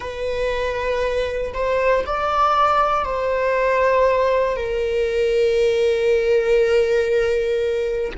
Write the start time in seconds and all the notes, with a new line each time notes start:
0.00 B4
1.53 C5
2.06 D5
3.05 C5
4.56 A#4